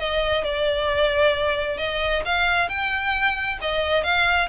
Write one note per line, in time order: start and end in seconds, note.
0.00 0.45 D#5
0.45 1.78 D5
1.78 2.23 D#5
2.26 2.69 F5
2.69 3.59 G5
3.62 4.04 D#5
4.04 4.49 F5